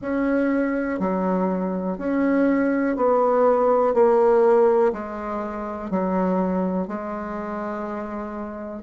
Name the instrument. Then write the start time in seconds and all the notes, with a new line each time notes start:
bassoon
0.01 C#4
0.99 F#3
1.98 C#4
2.96 B3
3.93 A#3
4.92 G#3
5.90 F#3
6.87 G#3